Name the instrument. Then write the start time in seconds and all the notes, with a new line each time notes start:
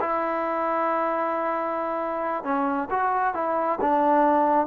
trombone
0.00 E4
2.44 C#4
2.90 F#4
3.34 E4
3.81 D4